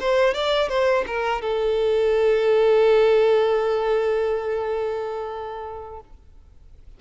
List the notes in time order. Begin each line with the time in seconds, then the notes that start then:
0.00 C5
0.34 D5
0.69 C5
1.07 A#4
1.41 A4